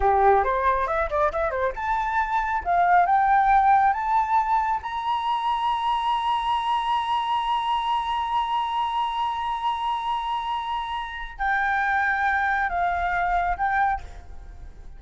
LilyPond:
\new Staff \with { instrumentName = "flute" } { \time 4/4 \tempo 4 = 137 g'4 c''4 e''8 d''8 e''8 c''8 | a''2 f''4 g''4~ | g''4 a''2 ais''4~ | ais''1~ |
ais''1~ | ais''1~ | ais''2 g''2~ | g''4 f''2 g''4 | }